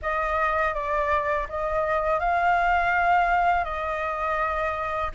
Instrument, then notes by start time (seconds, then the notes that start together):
flute
0.02 D#5
0.74 D5
1.48 D#5
2.20 F5
3.64 D#5